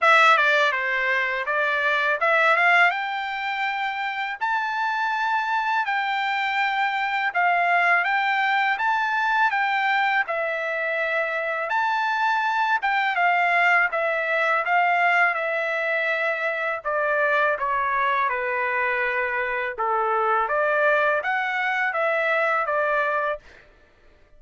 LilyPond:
\new Staff \with { instrumentName = "trumpet" } { \time 4/4 \tempo 4 = 82 e''8 d''8 c''4 d''4 e''8 f''8 | g''2 a''2 | g''2 f''4 g''4 | a''4 g''4 e''2 |
a''4. g''8 f''4 e''4 | f''4 e''2 d''4 | cis''4 b'2 a'4 | d''4 fis''4 e''4 d''4 | }